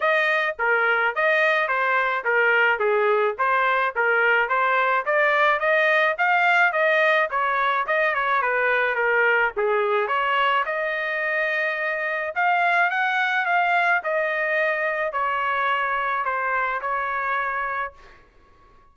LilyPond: \new Staff \with { instrumentName = "trumpet" } { \time 4/4 \tempo 4 = 107 dis''4 ais'4 dis''4 c''4 | ais'4 gis'4 c''4 ais'4 | c''4 d''4 dis''4 f''4 | dis''4 cis''4 dis''8 cis''8 b'4 |
ais'4 gis'4 cis''4 dis''4~ | dis''2 f''4 fis''4 | f''4 dis''2 cis''4~ | cis''4 c''4 cis''2 | }